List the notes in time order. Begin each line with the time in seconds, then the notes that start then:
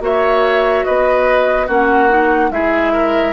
0.00 A#3 F#4 C#5 E5
0.85 B3 B4 D#5
1.67 A#3 C#4 F#4 F#5
2.09 D#4
2.51 G#3 E4 G#4 E5
2.93 A#4